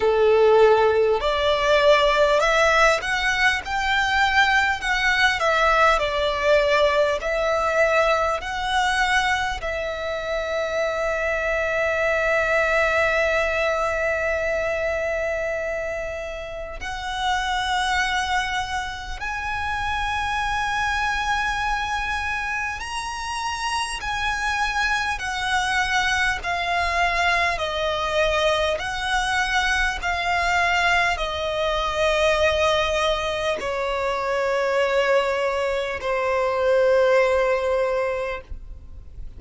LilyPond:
\new Staff \with { instrumentName = "violin" } { \time 4/4 \tempo 4 = 50 a'4 d''4 e''8 fis''8 g''4 | fis''8 e''8 d''4 e''4 fis''4 | e''1~ | e''2 fis''2 |
gis''2. ais''4 | gis''4 fis''4 f''4 dis''4 | fis''4 f''4 dis''2 | cis''2 c''2 | }